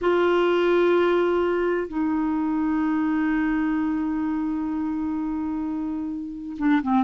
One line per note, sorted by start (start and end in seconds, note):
0.01 1.87 F4
1.87 6.56 D#4
6.58 6.81 D4
6.82 7.03 C4